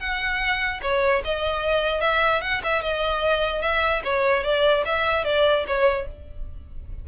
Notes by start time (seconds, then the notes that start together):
0.00 F#5
0.83 C#5
1.25 D#5
2.01 E5
2.42 F#5
2.64 E5
2.82 D#5
3.62 E5
4.04 C#5
4.44 D5
4.85 E5
5.25 D5
5.68 C#5